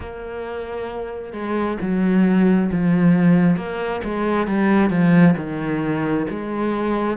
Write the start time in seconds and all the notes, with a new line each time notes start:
0.00 A#3
1.32 G#3
1.81 F#3
2.71 F3
3.56 A#3
4.04 G#3
4.47 G3
4.90 F3
5.36 D#3
6.30 G#3